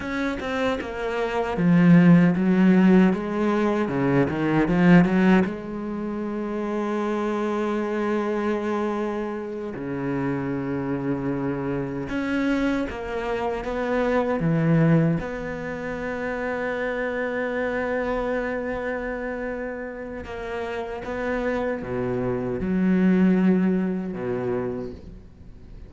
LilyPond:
\new Staff \with { instrumentName = "cello" } { \time 4/4 \tempo 4 = 77 cis'8 c'8 ais4 f4 fis4 | gis4 cis8 dis8 f8 fis8 gis4~ | gis1~ | gis8 cis2. cis'8~ |
cis'8 ais4 b4 e4 b8~ | b1~ | b2 ais4 b4 | b,4 fis2 b,4 | }